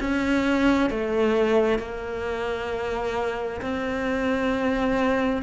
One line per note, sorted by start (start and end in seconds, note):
0.00 0.90 C#4
0.90 1.79 A3
1.79 3.60 A#3
3.61 5.42 C4